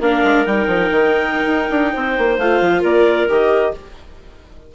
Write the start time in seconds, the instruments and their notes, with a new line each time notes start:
0.00 bassoon A#3, viola D4, clarinet A#4 F5
0.23 bassoon G#3
0.45 bassoon G3, viola D#4, clarinet G5
0.66 bassoon F3
0.90 bassoon D#3
1.45 bassoon D#4
1.70 bassoon D4
1.92 bassoon C4, clarinet C5
2.18 bassoon A#3
2.37 bassoon A3, viola F4, clarinet F5
2.60 bassoon F3
2.80 bassoon A#3, clarinet A#4 D5
3.29 bassoon D#3, viola G4, clarinet D#5